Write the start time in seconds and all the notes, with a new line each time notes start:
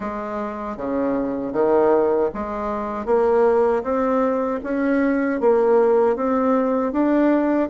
0.00 G#3
0.77 C#3
1.52 D#3
2.34 G#3
3.05 A#3
3.83 C4
4.63 C#4
5.40 A#3
6.15 C4
6.92 D4